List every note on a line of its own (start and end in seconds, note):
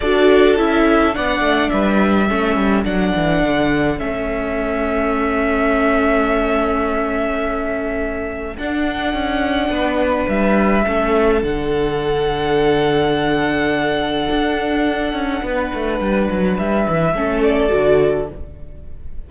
0.00 0.58 D4
0.00 0.57 F#4
0.00 1.14 A4
0.00 0.56 D5
0.57 1.16 C#4
0.57 1.13 E4
0.57 1.15 E5
1.13 1.40 B3
1.13 2.27 D4
1.13 1.72 D5
1.13 1.69 F#5
1.40 1.69 A3
1.69 2.29 G3
1.69 2.29 B4
1.69 2.84 E5
2.28 2.55 A3
2.28 2.84 C#4
2.28 9.71 A4
2.55 2.84 G3
2.84 3.13 F#3
2.84 3.98 D4
2.84 3.99 F#5
3.15 3.43 E3
3.43 3.99 D3
3.98 8.57 A3
3.98 8.55 C#4
3.98 8.56 E5
8.57 9.13 D4
8.57 10.85 D4
8.57 10.29 F#5
9.13 9.69 C#4
9.69 10.26 B3
9.69 10.85 B4
10.28 10.85 G3
10.28 11.43 E5
10.85 11.42 A3
10.85 11.42 C#4
10.85 15.42 A4
11.42 14.28 D3
11.42 17.13 D4
11.42 16.57 F#5
14.30 15.12 D4
15.12 15.41 C#4
15.42 15.71 B3
15.42 17.14 B4
15.74 16.00 A3
16.00 16.28 G3
16.31 16.58 F#3
16.57 16.86 G3
16.57 17.43 E5
16.88 17.14 E3
17.14 17.71 A3
17.14 17.69 C#4
17.14 18.28 A4
17.43 18.29 D5
17.69 18.30 D3
17.69 18.26 F#4